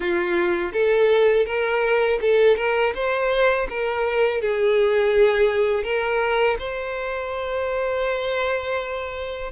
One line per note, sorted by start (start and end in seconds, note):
0.00 0.72 F4
0.73 1.46 A4
1.46 2.19 A#4
2.21 2.56 A4
2.56 2.93 A#4
2.94 3.68 C5
3.69 4.41 A#4
4.41 5.83 G#4
5.83 6.57 A#4
6.59 9.51 C5